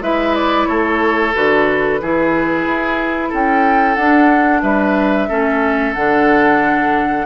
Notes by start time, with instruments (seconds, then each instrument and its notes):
0.00 bassoon G#3, clarinet E4, oboe B4, flute E5
0.34 flute D5
0.66 bassoon A3, oboe A4, flute C#5
1.34 bassoon D3, clarinet F#4, flute B4
2.01 bassoon E3, clarinet E4, oboe G#4
2.65 bassoon E4
3.29 bassoon C#4, oboe A4, flute G5
3.95 bassoon D4, clarinet D4, flute F#5
4.62 bassoon G3, oboe B4, flute E5
5.28 bassoon A3, clarinet C#4, oboe A4
5.93 bassoon D3, clarinet D4, flute F#5